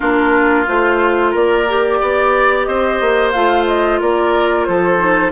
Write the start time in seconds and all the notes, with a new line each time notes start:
0.00 A#3 D4 F4 A#4
0.67 A3 F4 C5
1.30 A#3 A#4 D5
1.68 G4
2.01 B3 D5
2.64 C4 C5 D#5
3.00 A#3
3.31 A3 F4 F5
3.67 D#5
4.00 A#3 A#4 D5
4.64 F3 A4 C5
4.98 D#4